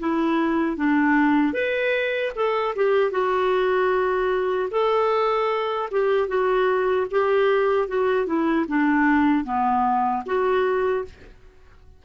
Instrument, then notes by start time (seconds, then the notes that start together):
clarinet
0.00 E4
0.77 D4
1.54 B4
2.36 A4
2.76 G4
3.11 F#4
4.71 A4
5.92 G4
6.28 F#4
7.11 G4
7.88 F#4
8.27 E4
8.68 D4
9.45 B3
10.26 F#4